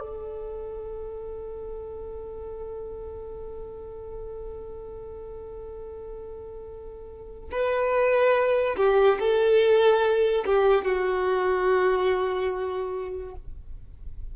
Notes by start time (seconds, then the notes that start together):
0.00 A4
7.51 B4
8.77 G4
9.20 A4
10.46 G4
10.85 F#4